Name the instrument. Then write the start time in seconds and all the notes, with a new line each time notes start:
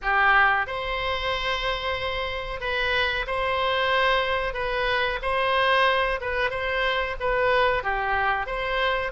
oboe
0.02 G4
0.66 C5
2.60 B4
3.26 C5
4.53 B4
5.22 C5
6.20 B4
6.50 C5
7.19 B4
7.83 G4
8.46 C5